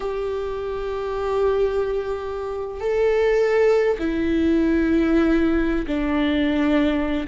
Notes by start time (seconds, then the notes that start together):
0.00 G4
2.80 A4
3.98 E4
5.86 D4